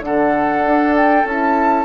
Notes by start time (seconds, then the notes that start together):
0.00 D3 D4 A4 F#5
0.66 D4
0.96 G5
1.24 C#4 E4 A5